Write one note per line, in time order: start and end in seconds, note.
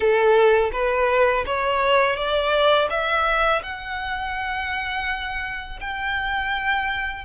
0.00 0.70 A4
0.72 1.44 B4
1.46 2.16 C#5
2.16 2.88 D5
2.89 3.62 E5
3.62 5.79 F#5
5.80 7.25 G5